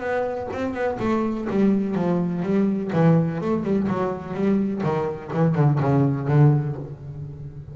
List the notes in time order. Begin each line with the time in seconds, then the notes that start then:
0.00 B3
0.53 C4
0.73 B3
0.99 A3
1.50 G3
1.95 F3
2.42 G3
2.92 E3
3.41 A3
3.63 G3
3.87 F#3
4.34 G3
4.83 D#3
5.33 E3
5.55 D3
5.79 C#3
6.27 D3